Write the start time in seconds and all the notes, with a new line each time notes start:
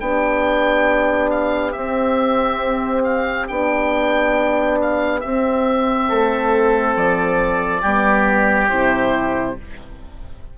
0.00 B3 D4 G4 G5
1.30 F5
1.72 C4 E5
3.03 F5
3.48 B3 D4 G5
4.82 F5
5.20 C4 E5
6.08 A3 A4
6.96 F3 D5
7.81 G3 B3 G4
8.69 C3 E4 C5